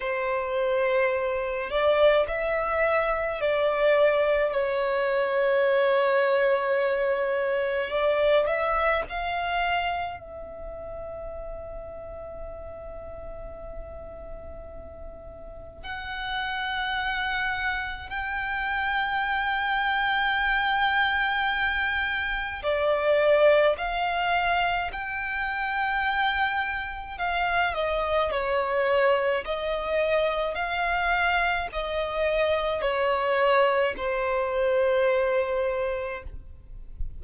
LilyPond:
\new Staff \with { instrumentName = "violin" } { \time 4/4 \tempo 4 = 53 c''4. d''8 e''4 d''4 | cis''2. d''8 e''8 | f''4 e''2.~ | e''2 fis''2 |
g''1 | d''4 f''4 g''2 | f''8 dis''8 cis''4 dis''4 f''4 | dis''4 cis''4 c''2 | }